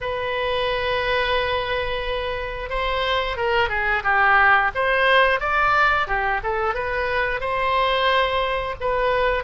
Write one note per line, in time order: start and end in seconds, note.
0.01 2.69 B4
2.69 3.36 C5
3.36 3.69 A#4
3.69 4.02 G#4
4.03 4.71 G4
4.74 5.40 C5
5.40 6.07 D5
6.07 6.40 G4
6.43 6.74 A4
6.74 7.40 B4
7.40 8.75 C5
8.80 9.43 B4